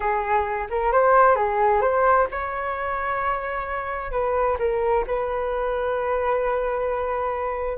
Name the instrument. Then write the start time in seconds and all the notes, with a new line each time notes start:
flute
0.00 G#4
0.70 A#4
0.92 C5
1.35 G#4
1.81 C5
2.31 C#5
4.11 B4
4.58 A#4
5.06 B4